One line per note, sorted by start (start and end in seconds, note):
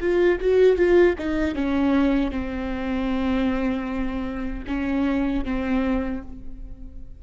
0.00 0.39 F4
0.40 0.77 F#4
0.77 1.15 F4
1.18 1.55 D#4
1.55 2.31 C#4
2.31 4.64 C4
4.67 5.44 C#4
5.44 6.22 C4